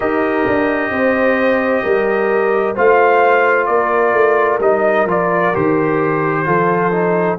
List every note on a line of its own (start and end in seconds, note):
0.00 0.47 D#4
0.00 2.75 G4
0.00 0.91 A#4
0.00 2.75 D#5
0.47 0.90 D4
0.90 1.82 C4
0.90 1.83 C5
1.83 2.76 G3
1.83 2.74 A#4
2.74 3.68 A3
2.74 4.60 F4
2.74 3.67 C5
2.74 3.66 F5
3.66 4.13 A#3
3.66 6.46 A#4
3.66 4.58 D5
4.13 4.59 A3
4.59 5.05 G3
4.59 5.07 D#4
4.59 5.07 D#5
5.05 5.51 F3
5.05 5.53 F4
5.05 5.55 D5
5.53 6.47 D#3
5.53 6.45 G4
5.53 7.38 C5
6.45 7.38 F3
6.45 6.91 F4
6.45 7.38 A4
6.92 7.38 D#4